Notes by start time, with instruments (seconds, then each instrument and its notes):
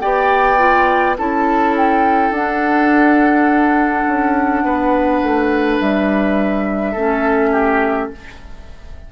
0.00 bassoon B3, clarinet G4, oboe D5, flute G5
0.58 clarinet F4
1.18 bassoon C#4, clarinet E4, oboe A4, flute A5
1.77 flute G5
2.31 bassoon D4, clarinet D4, flute F#5
4.07 bassoon C#4
4.64 bassoon B3, oboe B4
5.23 bassoon A3
5.80 bassoon G3, flute E5
6.92 bassoon A3, clarinet C#4, oboe A4
7.52 oboe G4